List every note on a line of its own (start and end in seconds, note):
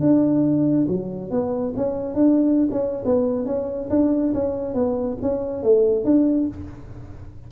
0.00 0.86 D4
0.88 1.30 F#3
1.30 1.73 B3
1.76 2.15 C#4
2.15 2.69 D4
2.71 3.04 C#4
3.05 3.46 B3
3.46 3.89 C#4
3.89 4.33 D4
4.34 4.74 C#4
4.74 5.17 B3
5.22 5.63 C#4
5.63 6.04 A3
6.04 6.47 D4